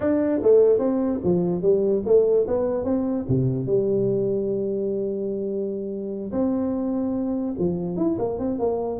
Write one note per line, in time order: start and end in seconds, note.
0.00 0.41 D4
0.42 0.79 A3
0.79 1.19 C4
1.24 1.62 F3
1.62 2.02 G3
2.05 2.46 A3
2.47 2.84 B3
2.84 3.25 C4
3.28 3.66 C3
3.66 6.31 G3
6.32 7.54 C4
7.58 7.96 F3
7.96 8.17 E4
8.18 8.38 A#3
8.38 8.59 C4
8.59 8.99 A#3